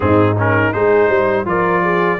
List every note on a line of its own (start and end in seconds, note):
0.00 0.71 G#2
0.00 0.35 C4
0.00 0.76 D#4
0.00 0.36 G#4
0.37 0.73 C#4
0.37 0.72 A#4
0.72 1.08 G#3
0.72 1.45 D#4
0.72 1.07 G#4
0.72 1.45 C5
1.07 1.45 G3
1.07 1.44 C5
1.45 2.18 F3
1.45 2.18 F4
1.45 1.82 A#4
1.45 2.20 D5
1.82 2.19 G#4